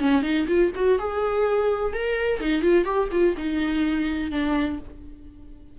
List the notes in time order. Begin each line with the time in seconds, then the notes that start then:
0.00 C#4
0.23 D#4
0.48 F4
0.75 F#4
0.99 G#4
1.94 A#4
2.40 D#4
2.62 F4
2.85 G4
3.12 F4
3.37 D#4
4.32 D4